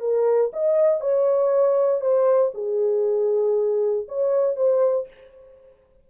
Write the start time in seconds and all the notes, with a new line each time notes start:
0.00 A#4
0.53 D#5
1.00 C#5
2.01 C5
2.54 G#4
4.08 C#5
4.56 C5